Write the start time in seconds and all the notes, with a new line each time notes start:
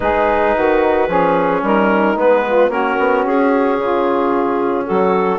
0.00 G#3 D#4 G#4 B4
0.55 D#3 F#4
1.07 F3 C#4 G#4
1.62 G3 D#4 A#4
2.16 G#3 B3 B4
2.46 F4
2.68 A#3 C#4 F#4 A#4
2.99 B3
3.25 C#4 G#4
3.78 C#3 F4
4.84 F#3 F#4 A4